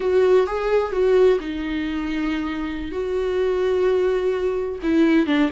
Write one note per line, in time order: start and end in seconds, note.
0.00 0.46 F#4
0.46 0.91 G#4
0.91 1.38 F#4
1.40 2.91 D#4
2.91 4.79 F#4
4.82 5.26 E4
5.26 5.50 D4